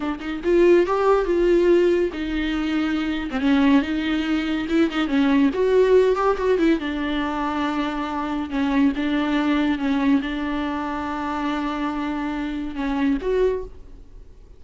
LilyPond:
\new Staff \with { instrumentName = "viola" } { \time 4/4 \tempo 4 = 141 d'8 dis'8 f'4 g'4 f'4~ | f'4 dis'2~ dis'8. c'16 | cis'4 dis'2 e'8 dis'8 | cis'4 fis'4. g'8 fis'8 e'8 |
d'1 | cis'4 d'2 cis'4 | d'1~ | d'2 cis'4 fis'4 | }